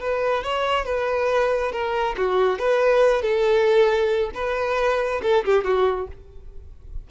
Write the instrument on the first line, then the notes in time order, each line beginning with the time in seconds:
violin
0.00 B4
0.44 C#5
0.85 B4
1.72 A#4
2.17 F#4
2.59 B4
3.22 A4
4.34 B4
5.23 A4
5.45 G4
5.64 F#4